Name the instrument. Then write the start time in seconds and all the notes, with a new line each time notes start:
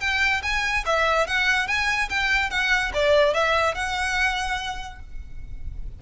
violin
0.00 G5
0.42 G#5
0.86 E5
1.27 F#5
1.67 G#5
2.09 G5
2.50 F#5
2.93 D5
3.34 E5
3.74 F#5